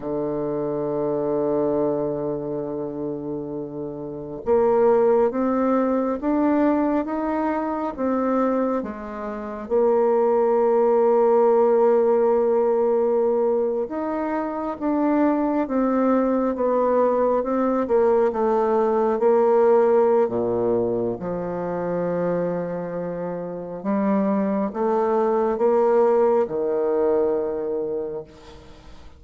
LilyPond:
\new Staff \with { instrumentName = "bassoon" } { \time 4/4 \tempo 4 = 68 d1~ | d4 ais4 c'4 d'4 | dis'4 c'4 gis4 ais4~ | ais2.~ ais8. dis'16~ |
dis'8. d'4 c'4 b4 c'16~ | c'16 ais8 a4 ais4~ ais16 ais,4 | f2. g4 | a4 ais4 dis2 | }